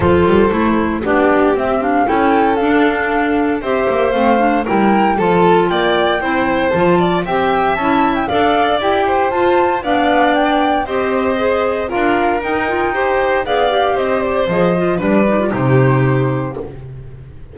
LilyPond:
<<
  \new Staff \with { instrumentName = "flute" } { \time 4/4 \tempo 4 = 116 c''2 d''4 e''8 f''8 | g''4 f''2 e''4 | f''4 g''4 a''4 g''4~ | g''4 a''4 g''4 a''8. g''16 |
f''4 g''4 a''4 f''4 | g''4 dis''2 f''4 | g''2 f''4 dis''8 d''8 | dis''4 d''4 c''2 | }
  \new Staff \with { instrumentName = "violin" } { \time 4/4 a'2 g'2 | a'2. c''4~ | c''4 ais'4 a'4 d''4 | c''4. d''8 e''2 |
d''4. c''4. d''4~ | d''4 c''2 ais'4~ | ais'4 c''4 d''4 c''4~ | c''4 b'4 g'2 | }
  \new Staff \with { instrumentName = "clarinet" } { \time 4/4 f'4 e'4 d'4 c'8 d'8 | e'4 d'2 g'4 | c'8 d'8 e'4 f'2 | e'4 f'4 g'4 e'4 |
a'4 g'4 f'4 d'4~ | d'4 g'4 gis'4 f'4 | dis'8 f'8 g'4 gis'8 g'4. | gis'8 f'8 d'8 dis'16 f'16 dis'2 | }
  \new Staff \with { instrumentName = "double bass" } { \time 4/4 f8 g8 a4 b4 c'4 | cis'4 d'2 c'8 ais8 | a4 g4 f4 ais4 | c'4 f4 c'4 cis'4 |
d'4 e'4 f'4 b4~ | b4 c'2 d'4 | dis'2 b4 c'4 | f4 g4 c2 | }
>>